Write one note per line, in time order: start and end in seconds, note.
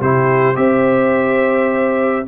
0.00 0.57 C3
0.00 0.55 E4
0.00 0.57 G4
0.00 0.57 C5
0.55 2.27 C4
0.55 2.25 G4
0.55 2.29 C5
0.55 2.27 E5